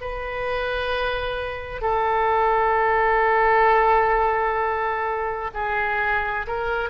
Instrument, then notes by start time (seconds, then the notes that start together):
oboe
0.00 B4
1.81 A4
5.53 G#4
6.47 A#4